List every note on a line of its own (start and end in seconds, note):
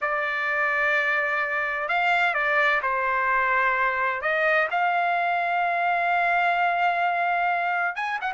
0.01 1.88 D5
1.88 2.34 F5
2.34 2.81 D5
2.82 4.21 C5
4.21 4.68 D#5
4.70 7.95 F5
7.95 8.19 G#5
8.21 8.32 F#5